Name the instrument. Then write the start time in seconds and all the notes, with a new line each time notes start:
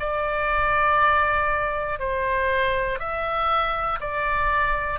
oboe
0.00 D5
2.00 C5
2.99 E5
4.01 D5